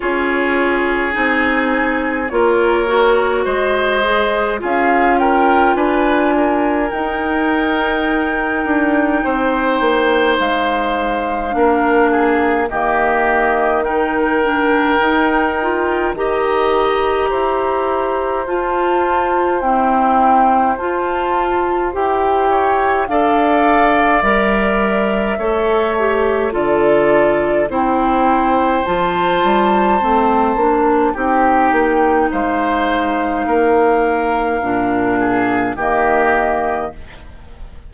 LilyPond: <<
  \new Staff \with { instrumentName = "flute" } { \time 4/4 \tempo 4 = 52 cis''4 gis''4 cis''4 dis''4 | f''8 g''8 gis''4 g''2~ | g''4 f''2 dis''4 | g''2 ais''2 |
a''4 g''4 a''4 g''4 | f''4 e''2 d''4 | g''4 a''2 g''4 | f''2. dis''4 | }
  \new Staff \with { instrumentName = "oboe" } { \time 4/4 gis'2 ais'4 c''4 | gis'8 ais'8 b'8 ais'2~ ais'8 | c''2 ais'8 gis'8 g'4 | ais'2 dis''4 c''4~ |
c''2.~ c''8 cis''8 | d''2 cis''4 a'4 | c''2. g'4 | c''4 ais'4. gis'8 g'4 | }
  \new Staff \with { instrumentName = "clarinet" } { \time 4/4 f'4 dis'4 f'8 fis'4 gis'8 | f'2 dis'2~ | dis'2 d'4 ais4 | dis'8 d'8 dis'8 f'8 g'2 |
f'4 c'4 f'4 g'4 | a'4 ais'4 a'8 g'8 f'4 | e'4 f'4 c'8 d'8 dis'4~ | dis'2 d'4 ais4 | }
  \new Staff \with { instrumentName = "bassoon" } { \time 4/4 cis'4 c'4 ais4 gis4 | cis'4 d'4 dis'4. d'8 | c'8 ais8 gis4 ais4 dis4~ | dis4 dis'4 dis4 e'4 |
f'4 e'4 f'4 e'4 | d'4 g4 a4 d4 | c'4 f8 g8 a8 ais8 c'8 ais8 | gis4 ais4 ais,4 dis4 | }
>>